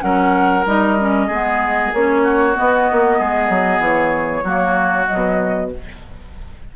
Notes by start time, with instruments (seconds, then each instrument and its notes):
0.00 bassoon F#3, clarinet C#4, oboe A#4, flute F#5
0.66 bassoon G3, clarinet D#4, flute D#5
0.99 clarinet C#4
1.27 bassoon G#3, clarinet B3, oboe G#4
1.93 bassoon A#3, clarinet C#4, flute C#5
2.23 oboe F#4
2.54 clarinet B3, bassoon B3, flute D#5
2.91 bassoon A#3
3.20 bassoon G#3, oboe G#4
3.49 bassoon F#3
3.80 bassoon E3, flute C#5
4.44 bassoon F#3, clarinet A#3, oboe F#4
5.07 clarinet F#3, flute D#5
5.13 bassoon B2